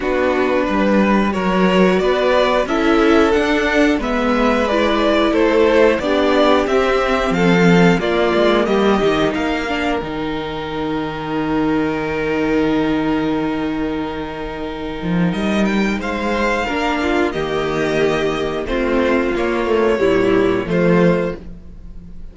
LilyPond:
<<
  \new Staff \with { instrumentName = "violin" } { \time 4/4 \tempo 4 = 90 b'2 cis''4 d''4 | e''4 fis''4 e''4 d''4 | c''4 d''4 e''4 f''4 | d''4 dis''4 f''4 g''4~ |
g''1~ | g''2. dis''8 g''8 | f''2 dis''2 | c''4 cis''2 c''4 | }
  \new Staff \with { instrumentName = "violin" } { \time 4/4 fis'4 b'4 ais'4 b'4 | a'2 b'2 | a'4 g'2 a'4 | f'4 g'4 ais'2~ |
ais'1~ | ais'1 | c''4 ais'8 f'8 g'2 | f'2 e'4 f'4 | }
  \new Staff \with { instrumentName = "viola" } { \time 4/4 d'2 fis'2 | e'4 d'4 b4 e'4~ | e'4 d'4 c'2 | ais4. dis'4 d'8 dis'4~ |
dis'1~ | dis'1~ | dis'4 d'4 ais2 | c'4 ais8 a8 g4 a4 | }
  \new Staff \with { instrumentName = "cello" } { \time 4/4 b4 g4 fis4 b4 | cis'4 d'4 gis2 | a4 b4 c'4 f4 | ais8 gis8 g8 dis8 ais4 dis4~ |
dis1~ | dis2~ dis8 f8 g4 | gis4 ais4 dis2 | a4 ais4 ais,4 f4 | }
>>